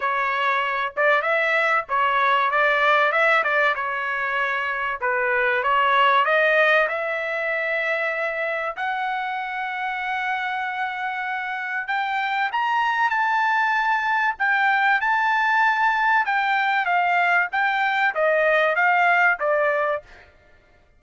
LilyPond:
\new Staff \with { instrumentName = "trumpet" } { \time 4/4 \tempo 4 = 96 cis''4. d''8 e''4 cis''4 | d''4 e''8 d''8 cis''2 | b'4 cis''4 dis''4 e''4~ | e''2 fis''2~ |
fis''2. g''4 | ais''4 a''2 g''4 | a''2 g''4 f''4 | g''4 dis''4 f''4 d''4 | }